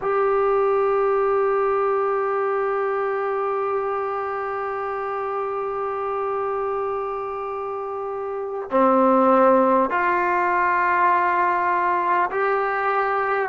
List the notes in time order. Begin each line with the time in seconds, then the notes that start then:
0.01 G4
8.70 C4
9.90 F4
12.31 G4